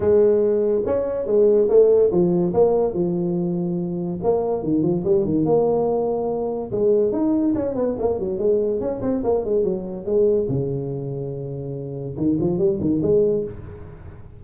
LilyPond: \new Staff \with { instrumentName = "tuba" } { \time 4/4 \tempo 4 = 143 gis2 cis'4 gis4 | a4 f4 ais4 f4~ | f2 ais4 dis8 f8 | g8 dis8 ais2. |
gis4 dis'4 cis'8 b8 ais8 fis8 | gis4 cis'8 c'8 ais8 gis8 fis4 | gis4 cis2.~ | cis4 dis8 f8 g8 dis8 gis4 | }